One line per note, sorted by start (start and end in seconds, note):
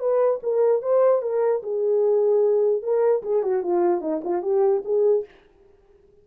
0.00 0.40 B4
0.43 0.82 A#4
0.82 1.22 C5
1.22 1.63 A#4
1.63 2.83 G#4
2.83 3.23 A#4
3.23 3.43 G#4
3.43 3.63 F#4
3.63 4.02 F4
4.02 4.22 D#4
4.24 4.43 F4
4.43 4.83 G4
4.85 5.25 G#4